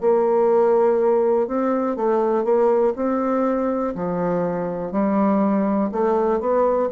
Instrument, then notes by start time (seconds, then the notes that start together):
bassoon
0.00 A#3
1.47 C4
1.96 A3
2.44 A#3
2.96 C4
3.95 F3
4.92 G3
5.92 A3
6.40 B3